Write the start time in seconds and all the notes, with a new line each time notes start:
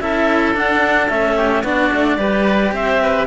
0.00 C#4 E4 A4 E5
0.54 D4 F#5
1.09 A3 C#4 E5
1.36 G4
1.63 B3 D4 F#4 D5
1.92 A3
2.17 G3 G4 B4
2.72 C4 C5 E5
3.03 B4